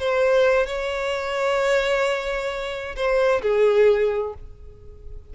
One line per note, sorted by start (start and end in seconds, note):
0.00 0.67 C5
0.67 2.96 C#5
2.96 3.42 C5
3.42 4.34 G#4